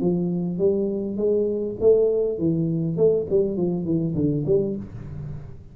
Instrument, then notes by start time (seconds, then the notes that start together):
tuba
0.00 F3
0.58 G3
1.17 G#3
1.80 A3
2.38 E3
2.96 A3
3.30 G3
3.57 F3
3.85 E3
4.14 D3
4.46 G3